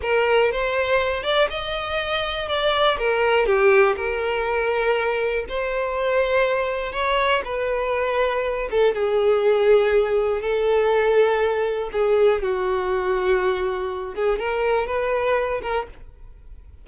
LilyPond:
\new Staff \with { instrumentName = "violin" } { \time 4/4 \tempo 4 = 121 ais'4 c''4. d''8 dis''4~ | dis''4 d''4 ais'4 g'4 | ais'2. c''4~ | c''2 cis''4 b'4~ |
b'4. a'8 gis'2~ | gis'4 a'2. | gis'4 fis'2.~ | fis'8 gis'8 ais'4 b'4. ais'8 | }